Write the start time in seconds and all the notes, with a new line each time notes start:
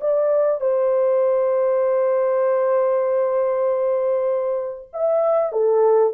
0.00 D5
0.60 C5
4.93 E5
5.52 A4